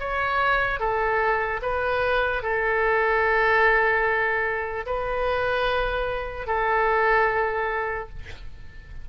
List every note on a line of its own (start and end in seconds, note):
0.00 0.80 C#5
0.80 1.61 A4
1.62 2.43 B4
2.43 4.86 A4
4.86 6.47 B4
6.47 8.09 A4